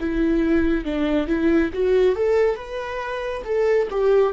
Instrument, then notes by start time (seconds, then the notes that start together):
viola
0.00 E4
0.85 D4
1.27 E4
1.73 F#4
2.16 A4
2.56 B4
3.45 A4
3.91 G4